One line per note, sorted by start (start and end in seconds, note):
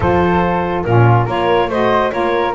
0.00 0.84 F3
0.00 0.85 F4
0.00 0.85 A4
0.00 0.83 C5
0.83 1.26 A#2
0.83 1.27 C#4
0.83 1.25 F4
0.83 1.26 A#4
1.25 1.68 A#3
1.25 1.70 F4
1.25 1.67 A#4
1.25 1.71 C#5
1.68 2.10 A3
1.68 2.11 F#4
1.68 2.12 C5
1.68 2.12 D#5
2.11 2.54 A#3
2.11 2.53 F4
2.11 2.54 A#4
2.11 2.54 C#5